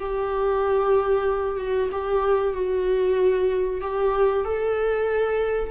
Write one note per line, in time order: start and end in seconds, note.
0.00 1.58 G4
1.58 1.89 F#4
1.92 2.54 G4
2.54 3.82 F#4
3.82 4.45 G4
4.45 5.71 A4